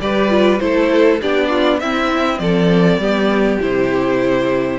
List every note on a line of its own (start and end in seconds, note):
0.00 0.60 G3
0.00 0.29 G4
0.00 0.63 B4
0.00 0.59 D5
0.29 0.59 F4
0.59 1.21 A3
0.59 1.20 E4
0.59 1.22 A4
0.59 1.20 C5
1.22 1.82 B3
1.22 1.82 D4
1.22 1.49 G4
1.22 1.80 D5
1.49 1.79 F4
1.80 2.39 C4
1.80 3.01 C4
1.80 2.42 E4
1.80 2.39 E5
2.39 2.98 F3
2.39 3.01 A4
2.39 3.59 D5
2.98 3.58 G3
2.98 3.61 B3
2.98 4.79 G4
3.61 4.79 C3
3.61 4.79 E4
3.61 4.79 C5